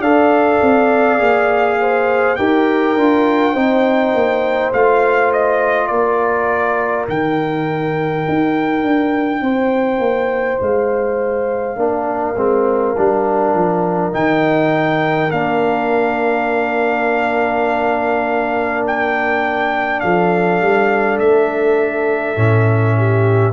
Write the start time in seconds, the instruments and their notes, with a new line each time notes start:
0.00 tuba D4, trombone A4, horn D5, trumpet F5
0.62 tuba C4
1.19 tuba A#3, trombone G#4
1.80 horn C5
2.36 tuba D#4, trombone G4, horn A#4, trumpet G5
2.96 tuba D4, trombone F4
3.53 tuba C4, trombone D#4, horn C5
4.14 tuba A#3
4.73 tuba A3, trombone F4, trumpet F5
5.33 trumpet D#5
5.87 tuba A#3, horn A#4, trumpet D5
7.08 tuba D#3, trombone D#4, trumpet G5
8.28 tuba D#4
8.83 tuba D4
9.42 tuba C4, horn C5
9.99 tuba A#3
10.62 tuba G#3, trumpet F5
11.76 tuba A#3, trombone D4, horn A#4
12.36 tuba G#3, trombone C4
12.97 tuba G3, trombone D4
13.54 tuba F3
14.12 tuba D#3, trombone D#4, trumpet G5
15.30 tuba A#3, trombone D4, trumpet F5
18.87 trumpet G5
20.00 tuba F3, horn A4, trumpet F5
20.61 tuba G3
21.18 tuba A3, trumpet E5
22.36 tuba A2, trombone C#4
22.98 horn G4